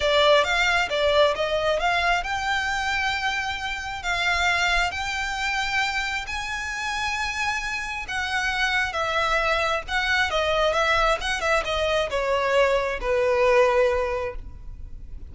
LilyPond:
\new Staff \with { instrumentName = "violin" } { \time 4/4 \tempo 4 = 134 d''4 f''4 d''4 dis''4 | f''4 g''2.~ | g''4 f''2 g''4~ | g''2 gis''2~ |
gis''2 fis''2 | e''2 fis''4 dis''4 | e''4 fis''8 e''8 dis''4 cis''4~ | cis''4 b'2. | }